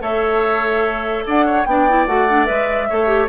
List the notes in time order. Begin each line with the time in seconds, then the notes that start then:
0.00 A3 A4 C#5 E5
1.26 D4 D5 F#5
1.46 C#5
1.65 B3 D4 D5 G5
1.89 E4
2.07 A3 F#4 F#5
2.29 D4
2.46 G#3 B4 E5
2.89 A3 A4 C#5
3.07 G4